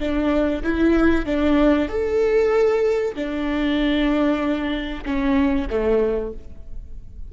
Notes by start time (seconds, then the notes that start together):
0.00 D4
0.63 E4
1.26 D4
1.89 A4
3.16 D4
5.06 C#4
5.70 A3